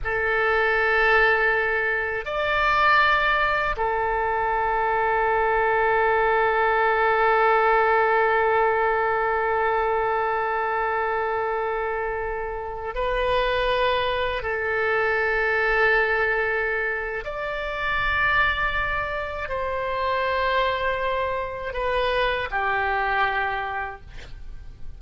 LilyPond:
\new Staff \with { instrumentName = "oboe" } { \time 4/4 \tempo 4 = 80 a'2. d''4~ | d''4 a'2.~ | a'1~ | a'1~ |
a'4~ a'16 b'2 a'8.~ | a'2. d''4~ | d''2 c''2~ | c''4 b'4 g'2 | }